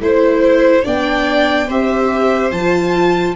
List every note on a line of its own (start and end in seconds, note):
0.00 0.83 A3
0.00 0.84 E4
0.00 0.85 C5
0.00 0.87 C5
0.84 1.69 B3
0.84 1.67 D4
0.84 1.67 D5
0.84 1.70 G5
1.67 2.51 C4
1.67 2.52 G4
1.67 3.34 C5
1.67 2.51 E5
2.51 3.34 F3
2.51 3.35 F4
2.51 3.35 A5